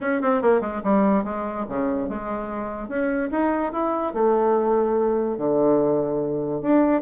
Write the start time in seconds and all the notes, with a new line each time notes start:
0.01 C#4
0.21 C4
0.42 A#3
0.61 G#3
0.83 G3
1.23 G#3
1.69 C#3
2.08 G#3
2.88 C#4
3.31 D#4
3.72 E4
4.13 A3
5.37 D3
6.61 D4